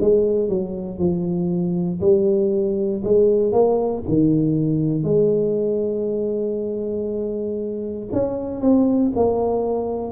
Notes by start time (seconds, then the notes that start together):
0.00 G#3
0.49 F#3
0.98 F3
2.01 G3
3.04 G#3
3.52 A#3
4.08 D#3
5.03 G#3
8.12 C#4
8.61 C4
9.15 A#3